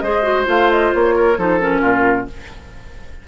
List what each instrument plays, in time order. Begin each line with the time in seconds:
0.00 bassoon G#3, clarinet G#4, oboe C5, flute D#5
0.22 clarinet F#4
0.45 bassoon A3, clarinet F4, flute F5
0.71 flute D#5
0.94 bassoon A#3, flute C#5
1.15 oboe A#4
1.37 bassoon F3, clarinet D#4, oboe A4, flute C5
1.60 clarinet C#4, flute A#4
1.81 bassoon A#2, oboe F4